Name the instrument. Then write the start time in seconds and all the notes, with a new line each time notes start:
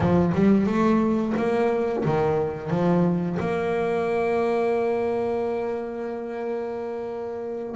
double bass
0.00 F3
0.34 G3
0.66 A3
1.36 A#3
2.04 D#3
2.70 F3
3.39 A#3